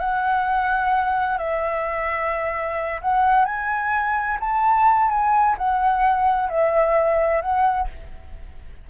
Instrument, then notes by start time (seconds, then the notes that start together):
flute
0.00 F#5
1.38 E5
3.01 F#5
3.45 G#5
4.40 A5
5.10 G#5
5.58 F#5
6.49 E5
7.41 F#5